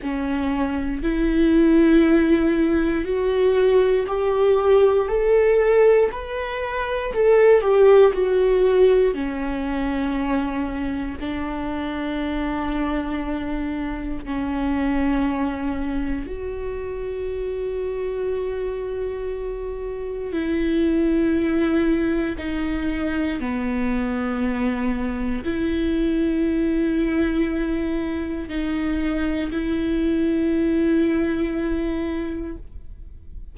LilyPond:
\new Staff \with { instrumentName = "viola" } { \time 4/4 \tempo 4 = 59 cis'4 e'2 fis'4 | g'4 a'4 b'4 a'8 g'8 | fis'4 cis'2 d'4~ | d'2 cis'2 |
fis'1 | e'2 dis'4 b4~ | b4 e'2. | dis'4 e'2. | }